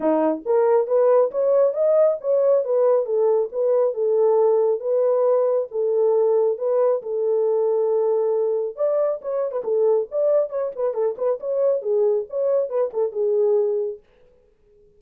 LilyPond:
\new Staff \with { instrumentName = "horn" } { \time 4/4 \tempo 4 = 137 dis'4 ais'4 b'4 cis''4 | dis''4 cis''4 b'4 a'4 | b'4 a'2 b'4~ | b'4 a'2 b'4 |
a'1 | d''4 cis''8. b'16 a'4 d''4 | cis''8 b'8 a'8 b'8 cis''4 gis'4 | cis''4 b'8 a'8 gis'2 | }